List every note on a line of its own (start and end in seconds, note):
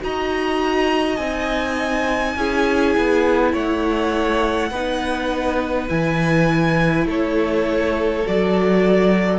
0.00 1.18 D#4
0.00 1.18 F#4
0.00 2.38 D#5
0.00 1.16 A#5
1.16 2.36 C4
1.16 2.37 D#4
1.16 3.52 G#5
2.37 2.95 C#4
2.37 4.73 E4
2.37 3.52 G#4
2.98 3.54 B3
3.52 4.71 A3
3.52 4.70 C#5
3.52 5.89 F#5
4.71 5.88 B3
4.71 5.88 D#4
4.71 7.06 B4
5.88 7.06 E3
5.88 8.24 E4
5.88 7.07 G#5
7.06 8.24 A3
7.06 9.39 A4
7.06 8.27 C#5
8.25 9.39 F#3
8.25 9.39 F#4
8.25 9.39 D5